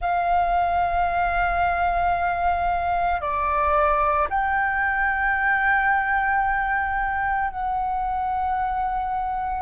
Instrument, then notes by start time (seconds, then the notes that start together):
flute
0.01 F5
3.20 D5
4.29 G5
7.50 F#5